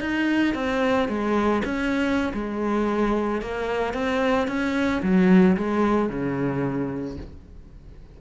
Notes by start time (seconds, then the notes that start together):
0.00 D#4
0.54 C4
1.08 G#3
1.65 C#4
2.33 G#3
3.42 A#3
3.93 C4
4.47 C#4
5.02 F#3
5.57 G#3
6.09 C#3